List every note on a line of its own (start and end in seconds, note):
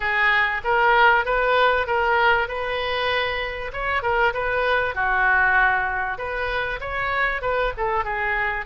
0.00 0.61 G#4
0.64 1.25 A#4
1.25 1.87 B4
1.87 2.47 A#4
2.47 3.71 B4
3.73 4.02 C#5
4.02 4.33 A#4
4.33 4.95 B4
4.95 6.17 F#4
6.17 6.79 B4
6.80 7.41 C#5
7.41 7.72 B4
7.77 8.04 A4
8.04 8.65 G#4